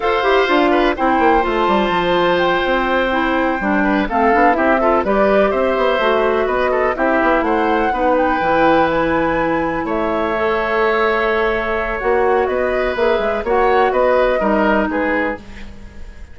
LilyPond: <<
  \new Staff \with { instrumentName = "flute" } { \time 4/4 \tempo 4 = 125 f''2 g''4 a''4~ | a''4 g''2.~ | g''8 f''4 e''4 d''4 e''8~ | e''4. dis''4 e''4 fis''8~ |
fis''4 g''4. gis''4.~ | gis''8 e''2.~ e''8~ | e''4 fis''4 dis''4 e''4 | fis''4 dis''2 b'4 | }
  \new Staff \with { instrumentName = "oboe" } { \time 4/4 c''4. b'8 c''2~ | c''1 | b'8 a'4 g'8 a'8 b'4 c''8~ | c''4. b'8 a'8 g'4 c''8~ |
c''8 b'2.~ b'8~ | b'8 cis''2.~ cis''8~ | cis''2 b'2 | cis''4 b'4 ais'4 gis'4 | }
  \new Staff \with { instrumentName = "clarinet" } { \time 4/4 a'8 g'8 f'4 e'4 f'4~ | f'2~ f'8 e'4 d'8~ | d'8 c'8 d'8 e'8 f'8 g'4.~ | g'8 fis'2 e'4.~ |
e'8 dis'4 e'2~ e'8~ | e'4. a'2~ a'8~ | a'4 fis'2 gis'4 | fis'2 dis'2 | }
  \new Staff \with { instrumentName = "bassoon" } { \time 4/4 f'8 e'8 d'4 c'8 ais8 a8 g8 | f4. c'2 g8~ | g8 a8 b8 c'4 g4 c'8 | b8 a4 b4 c'8 b8 a8~ |
a8 b4 e2~ e8~ | e8 a2.~ a8~ | a4 ais4 b4 ais8 gis8 | ais4 b4 g4 gis4 | }
>>